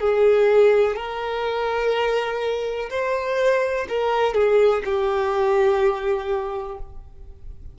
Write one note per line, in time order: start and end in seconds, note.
0.00 0.96 G#4
0.96 2.89 A#4
2.90 3.87 C5
3.89 4.34 A#4
4.34 4.83 G#4
4.84 6.78 G4